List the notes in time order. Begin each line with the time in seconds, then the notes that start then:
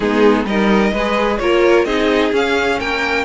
0.00 G#3 B3 D#4 G#4
0.45 G3 D#4 A#4 D#5
0.92 G#3 G#4 B4
1.38 A#3 F4 A#4 C#5
1.84 C4 D#4 G#4 D#5
2.32 C#4 F5
2.79 A#3 A#4 G5